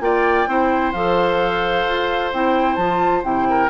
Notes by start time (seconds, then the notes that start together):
0.00 A#3 F4 D5 G5
0.47 C4 E4 C5
0.92 F3 A4 F5
1.86 F4
2.33 C4 E4 G5
2.75 F3 F4 A5
3.22 C3 E4 G5
3.49 A#4